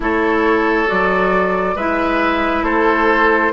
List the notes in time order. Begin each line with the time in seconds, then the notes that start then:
0.00 A3 E4 A4 C#5
0.86 F#3 F#4 D5
1.75 G#3 E4 B4 E5
2.62 A3 A4 C5